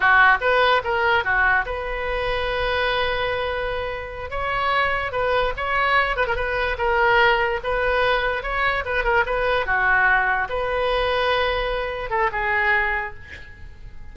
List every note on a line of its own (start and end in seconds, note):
0.00 0.38 F#4
0.40 0.81 B4
0.84 1.24 A#4
1.24 1.65 F#4
1.65 4.30 B4
4.30 5.12 C#5
5.12 5.53 B4
5.57 6.16 C#5
6.16 6.26 B4
6.27 6.35 A#4
6.35 6.76 B4
6.78 7.60 A#4
7.63 8.42 B4
8.42 8.84 C#5
8.85 9.04 B4
9.04 9.24 A#4
9.26 9.65 B4
9.65 10.48 F#4
10.49 12.10 B4
12.10 12.30 A4
12.31 13.14 G#4